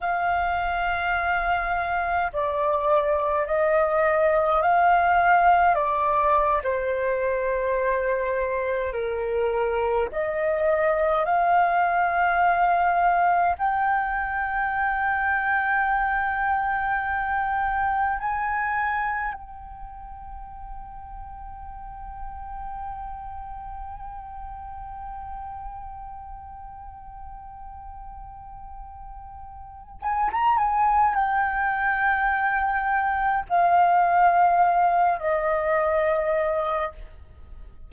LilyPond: \new Staff \with { instrumentName = "flute" } { \time 4/4 \tempo 4 = 52 f''2 d''4 dis''4 | f''4 d''8. c''2 ais'16~ | ais'8. dis''4 f''2 g''16~ | g''2.~ g''8. gis''16~ |
gis''8. g''2.~ g''16~ | g''1~ | g''2 gis''16 ais''16 gis''8 g''4~ | g''4 f''4. dis''4. | }